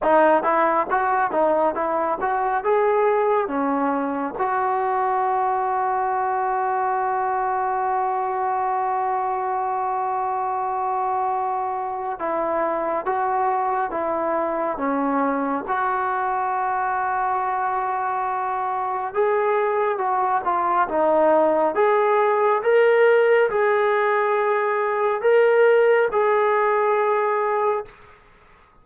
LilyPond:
\new Staff \with { instrumentName = "trombone" } { \time 4/4 \tempo 4 = 69 dis'8 e'8 fis'8 dis'8 e'8 fis'8 gis'4 | cis'4 fis'2.~ | fis'1~ | fis'2 e'4 fis'4 |
e'4 cis'4 fis'2~ | fis'2 gis'4 fis'8 f'8 | dis'4 gis'4 ais'4 gis'4~ | gis'4 ais'4 gis'2 | }